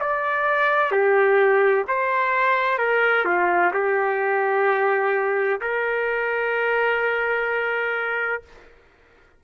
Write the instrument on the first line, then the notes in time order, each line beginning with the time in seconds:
trumpet
0.00 D5
0.92 G4
1.88 C5
2.79 A#4
3.25 F4
3.73 G4
5.61 A#4